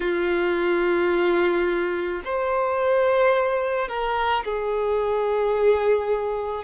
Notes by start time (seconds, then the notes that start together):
0.00 F4
2.24 C5
3.88 A#4
4.44 G#4